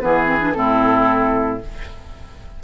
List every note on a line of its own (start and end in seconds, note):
0.00 0.56 E3
0.00 0.25 B3
0.00 0.57 G#4
0.00 0.52 B4
0.25 0.38 C4
0.40 0.53 D4
0.52 1.62 A2
0.52 1.61 C4
0.52 1.63 E4
0.52 1.58 A4